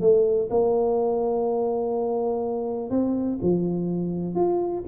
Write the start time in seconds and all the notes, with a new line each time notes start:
0.00 A3
0.50 A#3
2.90 C4
3.41 F3
4.34 F4